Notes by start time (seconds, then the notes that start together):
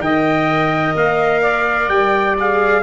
0.00 D#3 A#4 D#5 G5
0.96 A#3 F5
1.41 D5
1.89 G3 G5
2.38 G#4 F5